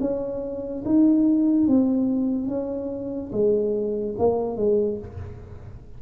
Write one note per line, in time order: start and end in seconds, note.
0.00 0.83 C#4
0.85 1.67 D#4
1.67 2.48 C4
2.48 3.31 C#4
3.32 4.16 G#3
4.18 4.56 A#3
4.56 4.98 G#3